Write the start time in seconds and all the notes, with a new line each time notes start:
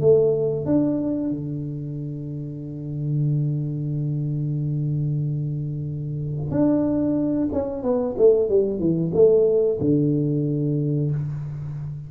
0.00 A3
0.66 D4
1.30 D3
6.51 D4
7.52 C#4
7.83 B3
8.18 A3
8.49 G3
8.79 E3
9.13 A3
9.80 D3